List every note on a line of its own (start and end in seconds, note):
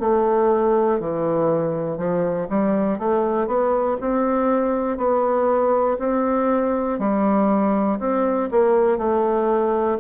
0.00 1.00 A3
1.00 1.97 E3
1.97 2.47 F3
2.50 2.99 G3
2.99 3.47 A3
3.47 3.97 B3
4.01 4.98 C4
4.98 5.98 B3
5.99 6.99 C4
7.00 8.00 G3
8.00 8.50 C4
8.51 8.98 A#3
8.98 9.98 A3